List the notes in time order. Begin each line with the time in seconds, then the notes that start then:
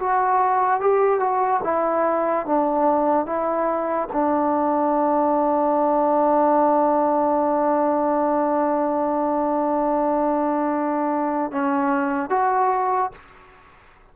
0.00 F#4
0.81 G4
1.20 F#4
1.64 E4
2.47 D4
3.27 E4
4.13 D4
11.52 C#4
12.30 F#4